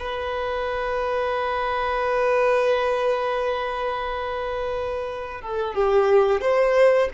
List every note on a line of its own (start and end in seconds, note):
0.00 5.42 B4
5.42 5.75 A4
5.75 6.42 G4
6.42 7.10 C5